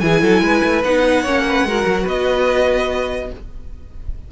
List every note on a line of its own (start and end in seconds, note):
0.00 0.22 E3
0.00 0.84 E4
0.00 0.22 G#4
0.00 0.82 G#5
0.22 0.41 F#3
0.22 0.43 A4
0.41 0.62 G#3
0.41 1.22 B4
0.64 0.84 A3
0.84 1.25 B3
0.84 1.26 D#4
0.84 2.08 F#5
1.22 1.65 A#3
1.22 1.68 C#4
1.22 1.43 C#5
1.49 1.68 B4
1.65 1.85 G#3
1.65 3.32 F#4
1.65 2.04 A#4
1.86 2.07 F#3
2.04 3.31 B3
2.04 3.27 B4
2.04 3.32 D#5